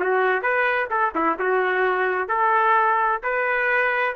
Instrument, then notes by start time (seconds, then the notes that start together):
trumpet
0.00 F#4
0.42 B4
0.90 A4
1.15 E4
1.39 F#4
2.29 A4
3.23 B4